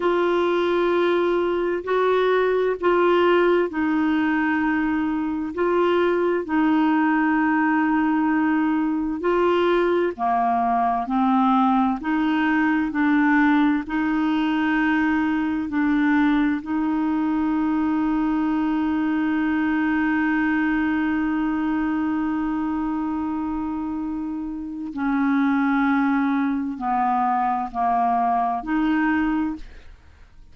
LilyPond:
\new Staff \with { instrumentName = "clarinet" } { \time 4/4 \tempo 4 = 65 f'2 fis'4 f'4 | dis'2 f'4 dis'4~ | dis'2 f'4 ais4 | c'4 dis'4 d'4 dis'4~ |
dis'4 d'4 dis'2~ | dis'1~ | dis'2. cis'4~ | cis'4 b4 ais4 dis'4 | }